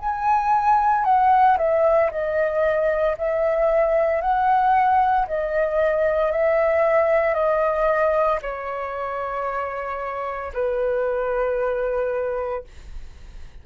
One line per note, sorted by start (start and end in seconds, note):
0.00 1.05 G#5
1.05 1.57 F#5
1.58 2.11 E5
2.11 3.17 D#5
3.18 4.22 E5
4.22 5.27 F#5
5.28 6.32 D#5
6.32 7.34 E5
7.34 8.40 D#5
8.42 10.53 C#5
10.54 12.65 B4